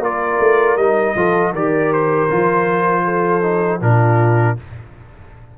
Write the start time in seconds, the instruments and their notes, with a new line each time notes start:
0.00 tuba A#3, trombone F4, horn A#4, trumpet D5
0.40 tuba A3
0.77 tuba G3, trombone D#4, trumpet D#5
1.16 tuba F3, trombone F4, horn A4
1.53 tuba D#3, trombone G4, horn A#4, trumpet D5
1.93 trumpet C5
2.31 tuba F3, trombone F4
3.05 horn A4
3.43 trombone D#4
3.81 tuba A#2, trombone D4, horn F4, trumpet A#4